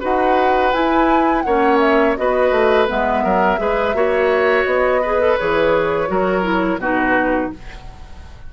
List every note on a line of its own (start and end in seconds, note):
0.00 0.74 D#4
0.00 0.72 F#4
0.00 1.43 B4
0.00 0.73 F#5
0.73 1.44 E4
0.73 1.45 E4
0.73 1.42 G#5
1.42 2.17 A#3
1.42 2.17 C#4
1.42 2.17 C#5
1.42 1.77 F#5
1.79 2.15 E5
2.16 2.51 B3
2.16 2.86 F#4
2.16 3.24 B4
2.16 2.87 D#5
2.51 2.87 A3
2.86 3.24 G#3
2.86 3.58 B3
2.86 4.65 E5
3.24 3.59 F#3
3.24 3.59 A#4
3.58 3.94 G#3
3.58 3.93 G#4
3.58 3.96 B4
3.94 4.65 A#3
3.94 5.01 F#4
3.94 5.01 C#5
4.65 5.37 B3
4.65 5.37 D#5
5.01 5.20 G#4
5.01 6.08 B4
5.20 5.38 A4
5.38 6.09 E3
5.38 6.07 G#4
5.38 6.80 C#5
6.07 6.78 F#3
6.07 6.42 F#4
6.07 6.80 A#4
6.42 6.78 E4
6.78 7.49 B2
6.78 7.53 D#4
6.78 7.51 F#4
6.78 7.52 B4